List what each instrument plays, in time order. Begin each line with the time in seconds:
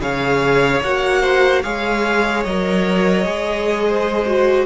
0.00 cello C#3, viola G#4, violin C#5 F5
0.82 cello A#3, viola F#4, violin F#5
1.21 violin C5
1.62 cello G#3, viola G#4, violin C#5 F5
2.44 cello F#3, viola A#4, violin D#5
3.24 cello G#3, viola G#4
3.88 violin C5
4.26 viola F#4